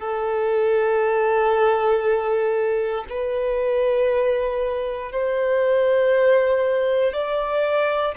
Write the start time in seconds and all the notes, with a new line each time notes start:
0.00 A4
3.10 B4
5.12 C5
7.13 D5